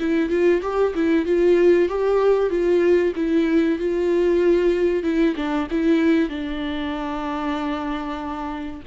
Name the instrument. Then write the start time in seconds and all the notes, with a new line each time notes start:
viola
0.00 E4
0.30 F4
0.63 G4
0.95 E4
1.26 F4
1.89 G4
2.51 F4
3.16 E4
3.79 F4
5.04 E4
5.36 D4
5.71 E4
6.30 D4